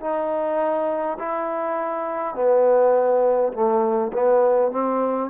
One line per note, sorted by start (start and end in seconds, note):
0.00 1.18 D#4
1.18 2.35 E4
2.35 3.52 B3
3.52 4.11 A3
4.13 4.71 B3
4.71 5.30 C4